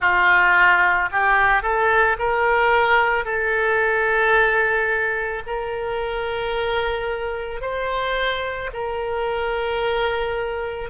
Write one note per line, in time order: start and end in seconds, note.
0.00 1.09 F4
1.12 1.62 G4
1.62 2.16 A4
2.18 3.24 A#4
3.24 5.42 A4
5.46 7.61 A#4
7.61 8.70 C5
8.73 10.90 A#4